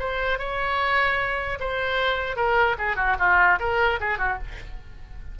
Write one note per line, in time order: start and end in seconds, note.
0.00 0.39 C5
0.39 1.59 C#5
1.60 2.37 C5
2.37 2.77 A#4
2.79 2.97 G#4
2.97 3.17 F#4
3.19 3.59 F4
3.60 4.00 A#4
4.01 4.19 G#4
4.19 4.39 F#4